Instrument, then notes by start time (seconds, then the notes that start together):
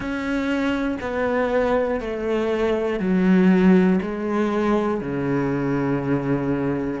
cello
0.00 C#4
1.00 B3
2.00 A3
2.99 F#3
4.01 G#3
5.00 C#3